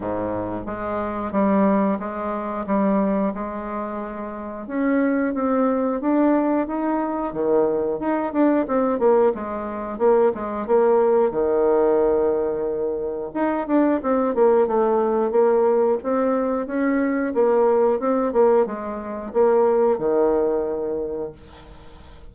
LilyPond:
\new Staff \with { instrumentName = "bassoon" } { \time 4/4 \tempo 4 = 90 gis,4 gis4 g4 gis4 | g4 gis2 cis'4 | c'4 d'4 dis'4 dis4 | dis'8 d'8 c'8 ais8 gis4 ais8 gis8 |
ais4 dis2. | dis'8 d'8 c'8 ais8 a4 ais4 | c'4 cis'4 ais4 c'8 ais8 | gis4 ais4 dis2 | }